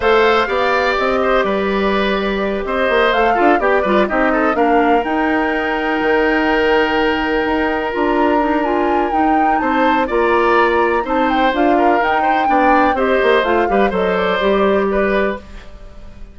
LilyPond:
<<
  \new Staff \with { instrumentName = "flute" } { \time 4/4 \tempo 4 = 125 f''2 dis''4 d''4~ | d''4. dis''4 f''4 d''8~ | d''8 dis''4 f''4 g''4.~ | g''1~ |
g''8 ais''4. gis''4 g''4 | a''4 ais''2 a''8 g''8 | f''4 g''2 dis''4 | f''4 dis''8 d''2~ d''8 | }
  \new Staff \with { instrumentName = "oboe" } { \time 4/4 c''4 d''4. c''8 b'4~ | b'4. c''4. a'8 g'8 | b'8 g'8 a'8 ais'2~ ais'8~ | ais'1~ |
ais'1 | c''4 d''2 c''4~ | c''8 ais'4 c''8 d''4 c''4~ | c''8 b'8 c''2 b'4 | }
  \new Staff \with { instrumentName = "clarinet" } { \time 4/4 a'4 g'2.~ | g'2~ g'8 a'8 f'8 g'8 | f'8 dis'4 d'4 dis'4.~ | dis'1~ |
dis'8 f'4 dis'8 f'4 dis'4~ | dis'4 f'2 dis'4 | f'4 dis'4 d'4 g'4 | f'8 g'8 a'4 g'2 | }
  \new Staff \with { instrumentName = "bassoon" } { \time 4/4 a4 b4 c'4 g4~ | g4. c'8 ais8 a8 d'8 b8 | g8 c'4 ais4 dis'4.~ | dis'8 dis2. dis'8~ |
dis'8 d'2~ d'8 dis'4 | c'4 ais2 c'4 | d'4 dis'4 b4 c'8 ais8 | a8 g8 fis4 g2 | }
>>